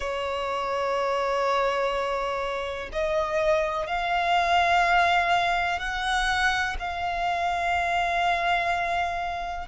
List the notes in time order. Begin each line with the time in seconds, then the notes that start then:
0.00 C#5
2.92 D#5
3.87 F5
5.78 F#5
6.79 F5